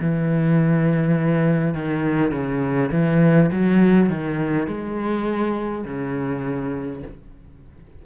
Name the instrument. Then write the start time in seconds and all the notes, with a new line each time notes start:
cello
0.00 E3
1.74 D#3
2.31 C#3
2.91 E3
3.51 F#3
4.09 D#3
4.67 G#3
5.84 C#3